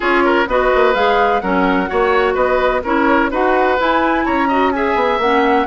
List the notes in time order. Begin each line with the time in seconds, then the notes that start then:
0.00 C#4 F4 G#4 C#5
0.24 A#4
0.47 B3 F#4 B4 D#5
0.74 A#3
0.94 G#3 G#4 F5
1.40 F#3 C#4 A#4 F#5
1.86 A#3 F#4 C#5
2.34 B3 B4 D#5
2.83 C#4 E4 A#4 C#5
3.30 D#4 F#4 B4 F#5
3.78 E4 G#5
4.25 C#4 C#5 A#5
4.48 F#4 D#5
4.71 G#4 E5 G#5
4.95 B3
5.18 A#3 C#4 F#5